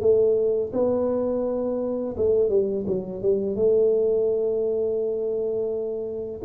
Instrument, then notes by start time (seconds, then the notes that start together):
tuba
0.00 A3
0.73 B3
2.17 A3
2.49 G3
2.86 F#3
3.22 G3
3.55 A3